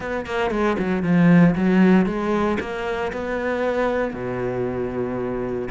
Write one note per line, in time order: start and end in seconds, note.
0.00 0.26 B3
0.26 0.50 A#3
0.50 0.76 G#3
0.78 1.03 F#3
1.03 1.54 F3
1.55 2.06 F#3
2.06 2.57 G#3
2.60 3.12 A#3
3.12 4.13 B3
4.13 5.68 B2